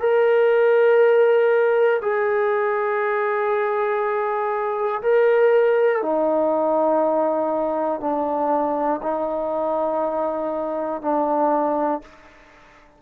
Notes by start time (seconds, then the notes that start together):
0.00 A#4
2.02 G#4
5.02 A#4
6.02 D#4
8.00 D4
9.02 D#4
11.02 D4